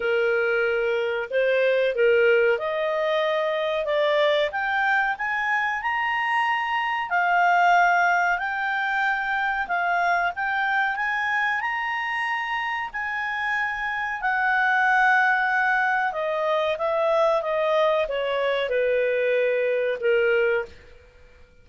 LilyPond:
\new Staff \with { instrumentName = "clarinet" } { \time 4/4 \tempo 4 = 93 ais'2 c''4 ais'4 | dis''2 d''4 g''4 | gis''4 ais''2 f''4~ | f''4 g''2 f''4 |
g''4 gis''4 ais''2 | gis''2 fis''2~ | fis''4 dis''4 e''4 dis''4 | cis''4 b'2 ais'4 | }